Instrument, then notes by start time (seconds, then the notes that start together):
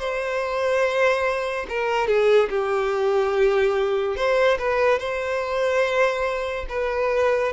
violin
0.00 C5
1.69 A#4
2.08 G#4
2.50 G4
4.16 C5
4.59 B4
4.99 C5
6.70 B4